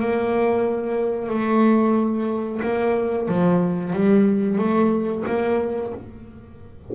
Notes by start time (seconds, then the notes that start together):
0.00 A#3
1.29 A3
2.62 A#3
3.28 F3
3.93 G3
4.58 A3
5.27 A#3